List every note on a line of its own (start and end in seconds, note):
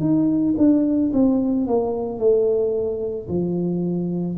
0.00 0.55 D#4
0.58 1.12 D4
1.13 1.67 C4
1.67 2.19 A#3
2.19 3.28 A3
3.28 4.37 F3